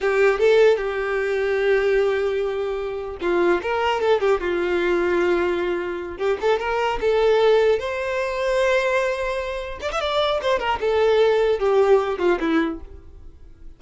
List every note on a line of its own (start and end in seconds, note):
0.00 0.39 G4
0.39 0.77 A4
0.77 3.17 G4
3.21 3.61 F4
3.62 4.00 A#4
4.00 4.20 A4
4.20 4.40 G4
4.40 6.17 F4
6.17 6.37 G4
6.40 6.59 A4
6.59 6.99 A#4
7.00 7.79 A4
7.79 9.79 C5
9.81 9.91 D5
9.91 10.00 E5
10.00 10.40 D5
10.41 10.59 C5
10.59 10.79 A#4
10.80 11.59 A4
11.59 12.19 G4
12.19 12.39 F4
12.40 12.80 E4